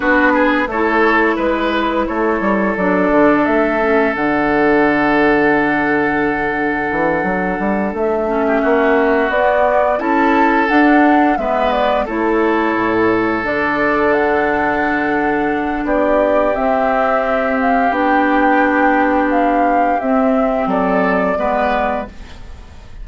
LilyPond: <<
  \new Staff \with { instrumentName = "flute" } { \time 4/4 \tempo 4 = 87 b'4 cis''4 b'4 cis''4 | d''4 e''4 fis''2~ | fis''2.~ fis''8 e''8~ | e''4. d''4 a''4 fis''8~ |
fis''8 e''8 d''8 cis''2 d''8~ | d''8 fis''2~ fis''8 d''4 | e''4. f''8 g''2 | f''4 e''4 d''2 | }
  \new Staff \with { instrumentName = "oboe" } { \time 4/4 fis'8 gis'8 a'4 b'4 a'4~ | a'1~ | a'1~ | a'16 g'16 fis'2 a'4.~ |
a'8 b'4 a'2~ a'8~ | a'2. g'4~ | g'1~ | g'2 a'4 b'4 | }
  \new Staff \with { instrumentName = "clarinet" } { \time 4/4 d'4 e'2. | d'4. cis'8 d'2~ | d'1 | cis'4. b4 e'4 d'8~ |
d'8 b4 e'2 d'8~ | d'1 | c'2 d'2~ | d'4 c'2 b4 | }
  \new Staff \with { instrumentName = "bassoon" } { \time 4/4 b4 a4 gis4 a8 g8 | fis8 d8 a4 d2~ | d2 e8 fis8 g8 a8~ | a8 ais4 b4 cis'4 d'8~ |
d'8 gis4 a4 a,4 d8~ | d2. b4 | c'2 b2~ | b4 c'4 fis4 gis4 | }
>>